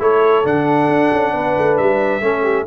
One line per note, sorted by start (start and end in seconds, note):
0.00 0.45 A3
0.00 0.44 E4
0.00 1.34 A4
0.00 0.47 C#5
0.44 0.89 D3
0.44 2.22 D4
0.44 1.78 F#5
0.89 1.11 D4
1.13 1.34 C#4
1.34 1.56 B3
1.34 2.23 B4
1.57 1.79 A3
1.78 2.22 G3
1.78 2.67 E5
2.22 2.66 A3
2.22 2.66 C#4
2.22 2.43 A4
2.43 2.66 G4